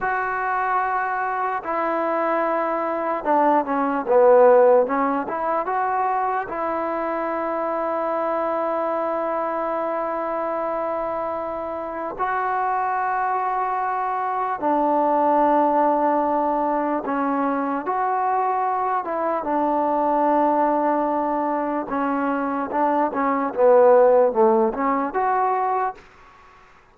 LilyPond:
\new Staff \with { instrumentName = "trombone" } { \time 4/4 \tempo 4 = 74 fis'2 e'2 | d'8 cis'8 b4 cis'8 e'8 fis'4 | e'1~ | e'2. fis'4~ |
fis'2 d'2~ | d'4 cis'4 fis'4. e'8 | d'2. cis'4 | d'8 cis'8 b4 a8 cis'8 fis'4 | }